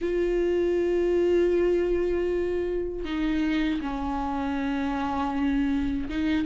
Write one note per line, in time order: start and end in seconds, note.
0.01 3.04 F4
3.04 3.80 D#4
3.81 6.09 C#4
6.09 6.45 D#4